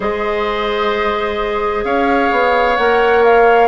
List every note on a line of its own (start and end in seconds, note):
0.00 1.84 G#3
0.00 2.75 G#4
0.00 1.84 C5
0.00 1.84 D#5
1.84 2.30 C#4
1.84 3.67 C#5
1.84 2.76 F5
2.31 2.77 B3
2.77 3.67 A#3
2.77 3.67 A#4
2.77 3.23 F#5
3.23 3.67 F5